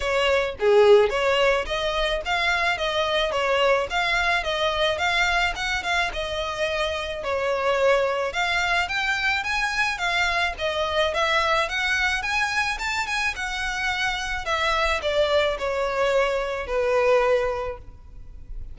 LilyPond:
\new Staff \with { instrumentName = "violin" } { \time 4/4 \tempo 4 = 108 cis''4 gis'4 cis''4 dis''4 | f''4 dis''4 cis''4 f''4 | dis''4 f''4 fis''8 f''8 dis''4~ | dis''4 cis''2 f''4 |
g''4 gis''4 f''4 dis''4 | e''4 fis''4 gis''4 a''8 gis''8 | fis''2 e''4 d''4 | cis''2 b'2 | }